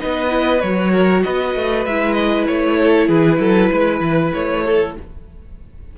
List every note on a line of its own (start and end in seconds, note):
0.00 0.63 B3
0.00 0.29 D#4
0.00 0.92 B4
0.00 0.61 D#5
0.29 0.60 E4
0.61 1.25 F#3
0.61 1.89 F#4
0.61 1.23 C#5
0.92 1.23 A#4
1.23 1.56 B3
1.23 2.80 B4
1.23 1.85 D#5
1.56 1.86 A3
1.86 2.48 G#3
1.86 4.98 E4
1.86 2.13 E5
2.13 2.44 D#5
2.47 3.09 A3
2.47 3.09 C#5
2.80 3.08 A4
3.08 3.39 E3
3.08 3.39 G#4
3.08 4.33 B4
3.39 3.70 F#3
3.39 3.71 A4
3.72 4.01 G#3
3.72 4.65 B4
4.01 4.32 E3
4.34 4.97 A3
4.34 4.96 C#5
4.65 4.96 A4